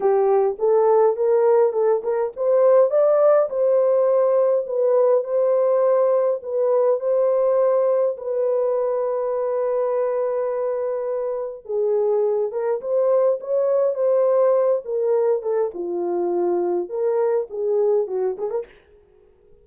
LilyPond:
\new Staff \with { instrumentName = "horn" } { \time 4/4 \tempo 4 = 103 g'4 a'4 ais'4 a'8 ais'8 | c''4 d''4 c''2 | b'4 c''2 b'4 | c''2 b'2~ |
b'1 | gis'4. ais'8 c''4 cis''4 | c''4. ais'4 a'8 f'4~ | f'4 ais'4 gis'4 fis'8 gis'16 ais'16 | }